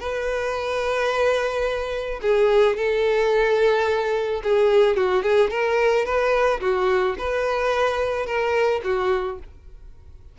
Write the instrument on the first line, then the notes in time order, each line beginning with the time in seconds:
violin
0.00 B4
2.22 G#4
2.77 A4
4.43 G#4
4.97 F#4
5.23 G#4
5.50 A#4
6.06 B4
6.61 F#4
7.18 B4
8.26 A#4
8.84 F#4